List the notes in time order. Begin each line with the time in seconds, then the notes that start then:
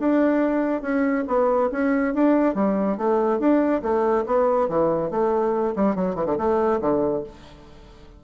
0.00 D4
0.82 C#4
1.28 B3
1.72 C#4
2.15 D4
2.55 G3
2.98 A3
3.40 D4
3.83 A3
4.26 B3
4.69 E3
5.11 A3
5.76 G3
5.96 F#3
6.16 E3
6.26 D3
6.38 A3
6.81 D3